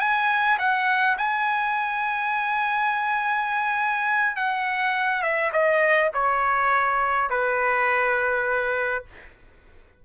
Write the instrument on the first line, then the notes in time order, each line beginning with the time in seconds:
trumpet
0.00 G#5
0.59 F#5
1.18 G#5
4.37 F#5
5.22 E5
5.53 D#5
6.14 C#5
7.30 B4